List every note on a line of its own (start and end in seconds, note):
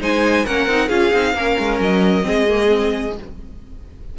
0.00 0.46 G#3
0.00 0.45 D#4
0.00 0.46 C5
0.00 0.46 G#5
0.46 0.67 A#3
0.46 0.70 C#4
0.46 0.88 A#4
0.46 0.89 F#5
0.67 0.89 C4
0.67 0.90 D#4
0.88 1.12 C#4
0.88 1.12 F4
0.88 1.33 G#4
0.88 1.79 F5
1.13 1.35 C4
1.13 1.35 D#4
1.35 1.57 A#3
1.35 2.23 C#4
1.35 2.26 A#4
1.59 1.80 G#3
1.80 2.25 F#3
1.80 3.17 D#5
2.23 3.19 G#3
2.23 2.45 C4
2.23 3.17 G#4
2.49 2.68 A#3
2.68 3.13 C4